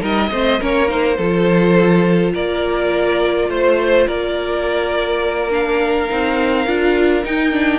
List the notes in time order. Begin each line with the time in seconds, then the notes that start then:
0.00 G3 D#4 A#4 D#5
0.32 A3 C4 C5
0.60 A#3 C#4 A#4 C#5
0.88 D#4 C5
1.18 F3 F4 A4
2.34 A#3 A#4 D5
3.50 A3 C5
4.07 A#3 A#4 D5
5.51 D4 F5
6.10 C4 D#4
6.67 D4 F4
7.24 D#4 G5
7.53 D4